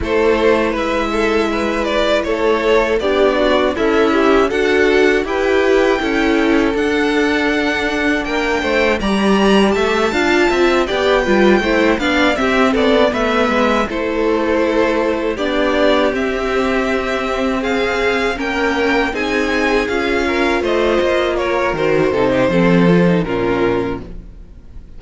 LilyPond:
<<
  \new Staff \with { instrumentName = "violin" } { \time 4/4 \tempo 4 = 80 c''4 e''4. d''8 cis''4 | d''4 e''4 fis''4 g''4~ | g''4 fis''2 g''4 | ais''4 a''4. g''4. |
f''8 e''8 d''8 e''4 c''4.~ | c''8 d''4 e''2 f''8~ | f''8 g''4 gis''4 f''4 dis''8~ | dis''8 cis''8 c''2 ais'4 | }
  \new Staff \with { instrumentName = "violin" } { \time 4/4 a'4 b'8 a'8 b'4 a'4 | g'8 fis'8 e'4 a'4 b'4 | a'2. ais'8 c''8 | d''4 e''8 f''8 e''8 d''8 b'8 c''8 |
d''8 g'8 a'8 b'4 a'4.~ | a'8 g'2. gis'8~ | gis'8 ais'4 gis'4. ais'8 c''8~ | c''8 ais'4 a'16 g'16 a'4 f'4 | }
  \new Staff \with { instrumentName = "viola" } { \time 4/4 e'1 | d'4 a'8 g'8 fis'4 g'4 | e'4 d'2. | g'4. f'4 g'8 f'8 e'8 |
d'8 c'4 b4 e'4.~ | e'8 d'4 c'2~ c'8~ | c'8 cis'4 dis'4 f'4.~ | f'4 fis'8 dis'8 c'8 f'16 dis'16 cis'4 | }
  \new Staff \with { instrumentName = "cello" } { \time 4/4 a4 gis2 a4 | b4 cis'4 d'4 e'4 | cis'4 d'2 ais8 a8 | g4 a8 d'8 c'8 b8 g8 a8 |
b8 c'8 b8 a8 gis8 a4.~ | a8 b4 c'2~ c'8~ | c'8 ais4 c'4 cis'4 a8 | ais4 dis8 c8 f4 ais,4 | }
>>